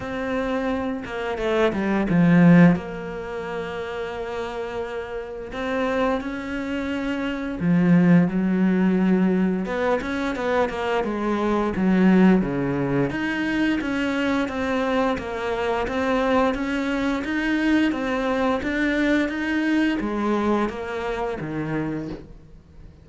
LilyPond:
\new Staff \with { instrumentName = "cello" } { \time 4/4 \tempo 4 = 87 c'4. ais8 a8 g8 f4 | ais1 | c'4 cis'2 f4 | fis2 b8 cis'8 b8 ais8 |
gis4 fis4 cis4 dis'4 | cis'4 c'4 ais4 c'4 | cis'4 dis'4 c'4 d'4 | dis'4 gis4 ais4 dis4 | }